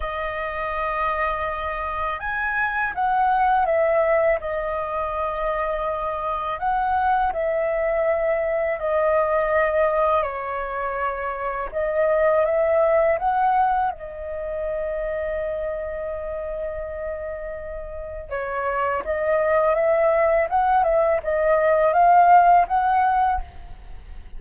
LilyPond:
\new Staff \with { instrumentName = "flute" } { \time 4/4 \tempo 4 = 82 dis''2. gis''4 | fis''4 e''4 dis''2~ | dis''4 fis''4 e''2 | dis''2 cis''2 |
dis''4 e''4 fis''4 dis''4~ | dis''1~ | dis''4 cis''4 dis''4 e''4 | fis''8 e''8 dis''4 f''4 fis''4 | }